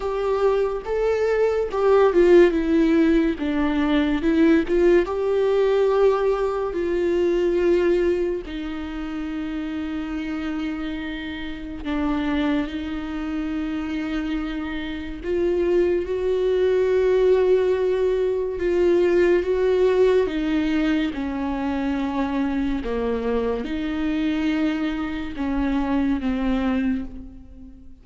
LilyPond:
\new Staff \with { instrumentName = "viola" } { \time 4/4 \tempo 4 = 71 g'4 a'4 g'8 f'8 e'4 | d'4 e'8 f'8 g'2 | f'2 dis'2~ | dis'2 d'4 dis'4~ |
dis'2 f'4 fis'4~ | fis'2 f'4 fis'4 | dis'4 cis'2 ais4 | dis'2 cis'4 c'4 | }